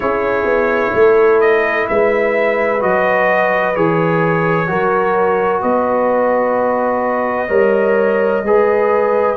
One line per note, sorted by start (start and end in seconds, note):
0.00 0.44 C#4
0.00 2.79 E4
0.00 0.94 G#4
0.00 1.40 C#5
0.44 0.91 B3
0.93 1.87 A3
0.93 1.89 A4
1.40 1.87 D#5
1.88 2.82 G#3
1.88 4.69 B4
1.88 2.81 E5
2.80 3.76 F#3
2.80 3.73 F#4
2.80 3.75 D#5
3.75 4.69 E3
3.75 4.66 G#4
3.75 5.61 C#5
4.66 5.62 F#3
4.66 7.47 F#4
4.66 5.62 A#4
5.61 7.49 B3
5.61 7.48 B4
5.61 9.36 D#5
7.48 8.42 G3
7.48 8.42 A#4
7.48 8.42 C#5
8.43 9.36 G#3
8.43 9.36 G#4
8.43 9.36 B4